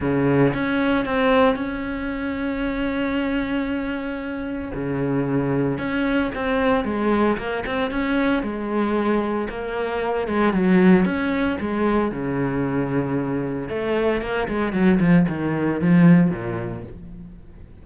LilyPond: \new Staff \with { instrumentName = "cello" } { \time 4/4 \tempo 4 = 114 cis4 cis'4 c'4 cis'4~ | cis'1~ | cis'4 cis2 cis'4 | c'4 gis4 ais8 c'8 cis'4 |
gis2 ais4. gis8 | fis4 cis'4 gis4 cis4~ | cis2 a4 ais8 gis8 | fis8 f8 dis4 f4 ais,4 | }